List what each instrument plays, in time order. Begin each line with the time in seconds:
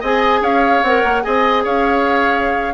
0.00 bassoon C4, clarinet G#4, oboe D#5, flute G#5
0.41 bassoon C#4, oboe C#5, flute F5
0.83 bassoon C4, clarinet A#4, flute F#5
1.04 bassoon A#3
1.23 bassoon C4, clarinet G#4, oboe D#5, flute G#5
1.64 bassoon C#4, oboe C#5, flute F5